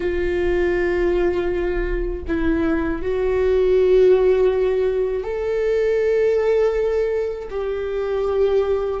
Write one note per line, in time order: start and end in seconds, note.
0.00 2.23 F4
2.27 3.02 E4
3.02 5.23 F#4
5.23 7.48 A4
7.50 9.00 G4